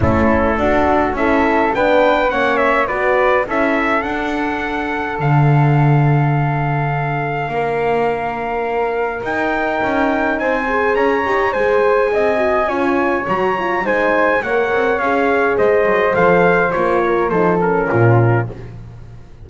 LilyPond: <<
  \new Staff \with { instrumentName = "trumpet" } { \time 4/4 \tempo 4 = 104 a'2 e''4 g''4 | fis''8 e''8 d''4 e''4 fis''4~ | fis''4 f''2.~ | f''1 |
g''2 gis''4 ais''4 | gis''2. ais''4 | gis''4 fis''4 f''4 dis''4 | f''4 cis''4 c''8 ais'4. | }
  \new Staff \with { instrumentName = "flute" } { \time 4/4 e'4 fis'4 a'4 b'4 | cis''4 b'4 a'2~ | a'1~ | a'4 ais'2.~ |
ais'2 c''4 cis''4 | c''4 dis''4 cis''2 | c''4 cis''2 c''4~ | c''4. ais'8 a'4 f'4 | }
  \new Staff \with { instrumentName = "horn" } { \time 4/4 cis'4 d'4 e'4 d'4 | cis'4 fis'4 e'4 d'4~ | d'1~ | d'1 |
dis'2~ dis'8 gis'4 g'8 | gis'4. fis'8 f'4 fis'8 f'8 | dis'4 ais'4 gis'2 | a'4 f'4 dis'8 cis'4. | }
  \new Staff \with { instrumentName = "double bass" } { \time 4/4 a4 d'4 cis'4 b4 | ais4 b4 cis'4 d'4~ | d'4 d2.~ | d4 ais2. |
dis'4 cis'4 c'4 cis'8 dis'8 | gis4 c'4 cis'4 fis4 | gis4 ais8 c'8 cis'4 gis8 fis8 | f4 ais4 f4 ais,4 | }
>>